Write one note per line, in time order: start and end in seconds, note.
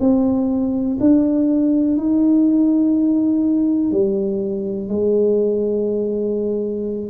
0.00 0.98 C4
1.01 1.98 D4
1.98 3.92 D#4
3.92 4.89 G3
4.89 7.10 G#3